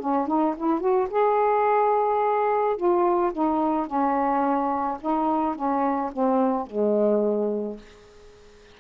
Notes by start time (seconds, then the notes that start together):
0.00 C#4
0.28 D#4
0.58 E4
0.80 F#4
1.11 G#4
2.77 F4
3.33 D#4
3.87 C#4
5.01 D#4
5.56 C#4
6.13 C4
6.67 G#3